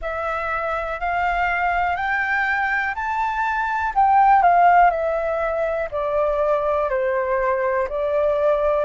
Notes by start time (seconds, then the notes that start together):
0.01 E5
1.00 F5
1.96 G5
2.95 A5
3.94 G5
4.42 F5
4.90 E5
5.91 D5
6.89 C5
7.89 D5